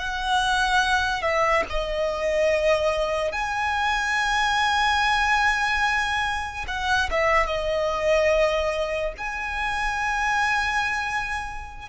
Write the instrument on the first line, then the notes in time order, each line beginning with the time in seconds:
violin
0.00 F#5
1.23 E5
1.70 D#5
3.33 G#5
6.68 F#5
7.11 E5
7.47 D#5
9.18 G#5